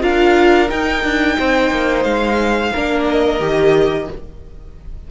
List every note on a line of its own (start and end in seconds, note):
0.00 0.70 D4
0.00 0.67 F4
0.00 1.36 A#4
0.00 0.69 F5
0.69 2.71 D#4
0.69 1.03 D#4
0.69 2.03 G5
1.03 1.37 D4
1.38 1.71 C4
1.38 2.71 C5
1.71 2.04 A#3
2.03 2.71 G#3
2.03 3.04 F5
2.71 3.40 A#3
2.71 3.40 D4
2.71 4.06 A#4
3.09 4.11 D#5
3.40 4.07 D#3
3.40 4.07 G4